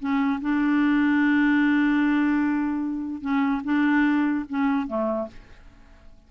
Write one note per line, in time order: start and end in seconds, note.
0.00 0.41 C#4
0.42 3.22 D4
3.22 3.62 C#4
3.65 4.46 D4
4.49 4.88 C#4
4.88 5.28 A3